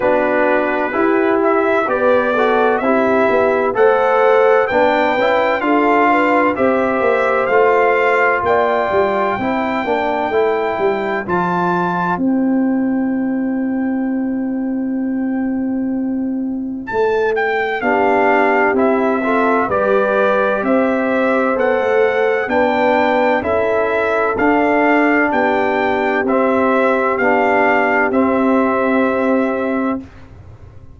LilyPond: <<
  \new Staff \with { instrumentName = "trumpet" } { \time 4/4 \tempo 4 = 64 b'4. e''8 d''4 e''4 | fis''4 g''4 f''4 e''4 | f''4 g''2. | a''4 g''2.~ |
g''2 a''8 g''8 f''4 | e''4 d''4 e''4 fis''4 | g''4 e''4 f''4 g''4 | e''4 f''4 e''2 | }
  \new Staff \with { instrumentName = "horn" } { \time 4/4 fis'4 g'4 b'8 a'8 g'4 | c''4 b'4 a'8 b'8 c''4~ | c''4 d''4 c''2~ | c''1~ |
c''2. g'4~ | g'8 a'8 b'4 c''2 | b'4 a'2 g'4~ | g'1 | }
  \new Staff \with { instrumentName = "trombone" } { \time 4/4 d'4 e'4 g'8 fis'8 e'4 | a'4 d'8 e'8 f'4 g'4 | f'2 e'8 d'8 e'4 | f'4 e'2.~ |
e'2. d'4 | e'8 f'8 g'2 a'4 | d'4 e'4 d'2 | c'4 d'4 c'2 | }
  \new Staff \with { instrumentName = "tuba" } { \time 4/4 b4 e'4 b4 c'8 b8 | a4 b8 cis'8 d'4 c'8 ais8 | a4 ais8 g8 c'8 ais8 a8 g8 | f4 c'2.~ |
c'2 a4 b4 | c'4 g4 c'4 b16 a8. | b4 cis'4 d'4 b4 | c'4 b4 c'2 | }
>>